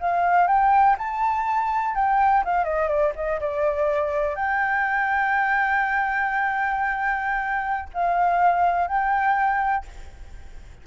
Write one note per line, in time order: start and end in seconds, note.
0.00 0.47 F5
0.47 0.96 G5
0.98 1.95 A5
1.95 2.44 G5
2.44 2.64 F5
2.64 2.88 D#5
2.88 3.12 D5
3.15 3.40 D#5
3.40 4.35 D5
4.35 7.89 G5
7.94 8.88 F5
8.88 9.85 G5